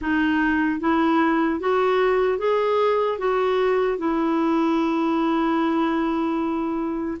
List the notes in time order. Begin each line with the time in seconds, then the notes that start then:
0.01 D#4
0.80 E4
1.60 F#4
2.38 G#4
3.18 F#4
3.97 E4